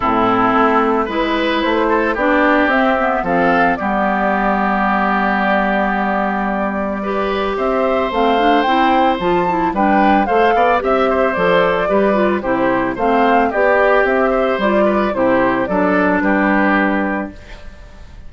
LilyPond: <<
  \new Staff \with { instrumentName = "flute" } { \time 4/4 \tempo 4 = 111 a'2 b'4 c''4 | d''4 e''4 f''4 d''4~ | d''1~ | d''2 e''4 f''4 |
g''4 a''4 g''4 f''4 | e''4 d''2 c''4 | f''4 d''4 e''4 d''4 | c''4 d''4 b'2 | }
  \new Staff \with { instrumentName = "oboe" } { \time 4/4 e'2 b'4. a'8 | g'2 a'4 g'4~ | g'1~ | g'4 b'4 c''2~ |
c''2 b'4 c''8 d''8 | e''8 c''4. b'4 g'4 | c''4 g'4. c''4 b'8 | g'4 a'4 g'2 | }
  \new Staff \with { instrumentName = "clarinet" } { \time 4/4 c'2 e'2 | d'4 c'8 b8 c'4 b4~ | b1~ | b4 g'2 c'8 d'8 |
e'4 f'8 e'8 d'4 a'4 | g'4 a'4 g'8 f'8 e'4 | c'4 g'2 f'4 | e'4 d'2. | }
  \new Staff \with { instrumentName = "bassoon" } { \time 4/4 a,4 a4 gis4 a4 | b4 c'4 f4 g4~ | g1~ | g2 c'4 a4 |
c'4 f4 g4 a8 b8 | c'4 f4 g4 c4 | a4 b4 c'4 g4 | c4 fis4 g2 | }
>>